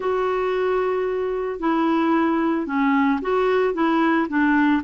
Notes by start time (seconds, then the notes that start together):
0.00 F#4
1.59 E4
2.66 C#4
3.21 F#4
3.74 E4
4.28 D4